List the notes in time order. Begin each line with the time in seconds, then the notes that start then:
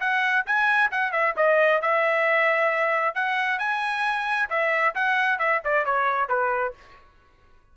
0.00 F#5
0.46 G#5
0.91 F#5
1.12 E5
1.37 D#5
1.82 E5
3.15 F#5
3.59 G#5
4.49 E5
4.95 F#5
5.39 E5
5.65 D5
5.85 C#5
6.29 B4